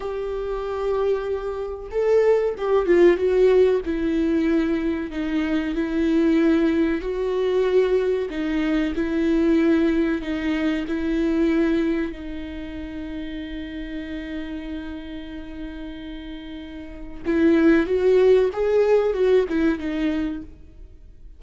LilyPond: \new Staff \with { instrumentName = "viola" } { \time 4/4 \tempo 4 = 94 g'2. a'4 | g'8 f'8 fis'4 e'2 | dis'4 e'2 fis'4~ | fis'4 dis'4 e'2 |
dis'4 e'2 dis'4~ | dis'1~ | dis'2. e'4 | fis'4 gis'4 fis'8 e'8 dis'4 | }